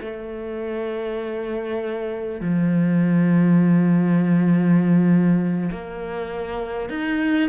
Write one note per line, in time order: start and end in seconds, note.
0.00 2.40 A3
2.40 5.70 F3
5.71 6.89 A#3
6.89 7.49 D#4